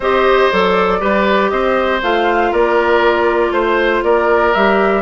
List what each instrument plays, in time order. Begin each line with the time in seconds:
0.00 bassoon C4, clarinet G4, oboe C5, flute D#5
0.51 bassoon F#3, clarinet A4, flute D5
1.00 bassoon G3, clarinet G4, oboe B4
1.49 bassoon C4, oboe C5, flute D#5
2.02 bassoon A3, clarinet F4, flute F5
2.51 bassoon A#3, oboe A#4, flute D5
3.51 bassoon A3, flute C5, oboe C5
4.03 bassoon A#3, oboe A#4, flute D5
4.53 bassoon G3, clarinet G4, flute E5